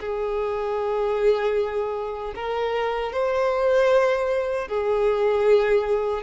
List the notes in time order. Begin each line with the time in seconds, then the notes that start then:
0.00 G#4
2.35 A#4
3.12 C5
4.68 G#4